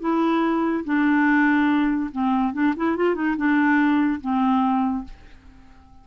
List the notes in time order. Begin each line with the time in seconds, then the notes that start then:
0.00 E4
0.84 D4
2.12 C4
2.53 D4
2.77 E4
2.97 F4
3.15 D#4
3.37 D4
4.21 C4